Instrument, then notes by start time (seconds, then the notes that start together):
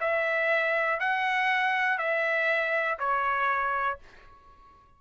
trumpet
0.00 E5
1.00 F#5
1.98 E5
2.99 C#5